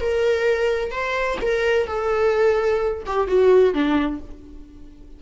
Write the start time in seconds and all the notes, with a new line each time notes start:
0.00 A#4
0.91 C5
1.42 A#4
1.87 A4
3.07 G4
3.27 F#4
3.74 D4